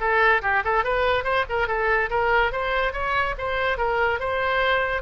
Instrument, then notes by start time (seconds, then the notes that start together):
oboe
0.00 A4
0.42 G4
0.64 A4
0.84 B4
1.24 C5
1.49 A#4
1.68 A4
2.10 A#4
2.52 C5
2.93 C#5
3.38 C5
3.78 A#4
4.20 C5